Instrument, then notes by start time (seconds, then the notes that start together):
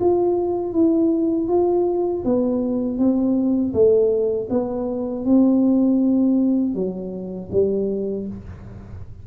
tuba
0.00 F4
0.73 E4
1.48 F4
2.24 B3
2.98 C4
3.73 A3
4.50 B3
5.25 C4
6.75 F#3
7.52 G3